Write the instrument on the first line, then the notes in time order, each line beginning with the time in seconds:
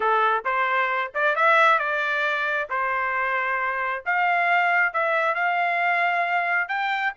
trumpet
0.00 A4
0.45 C5
1.14 D5
1.35 E5
1.78 D5
2.69 C5
4.05 F5
4.93 E5
5.34 F5
6.68 G5